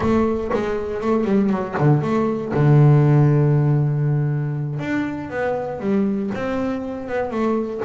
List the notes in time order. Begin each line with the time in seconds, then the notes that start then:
0.00 A3
0.53 G#3
1.01 A3
1.24 G3
1.49 F#3
1.78 D3
2.02 A3
2.53 D3
4.79 D4
5.29 B3
5.80 G3
6.34 C4
7.08 B3
7.30 A3